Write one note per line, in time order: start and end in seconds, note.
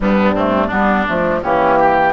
0.00 0.71 G2
0.00 0.34 G3
0.00 0.34 B3
0.00 1.42 D4
0.34 0.70 A3
0.34 0.67 C4
0.67 1.07 G3
0.67 1.06 B3
0.67 1.38 D4
1.06 1.43 F3
1.06 1.42 A3
1.42 2.13 E3
1.42 2.13 A#3
1.42 1.78 C#4
1.42 2.13 G4
1.79 2.13 G4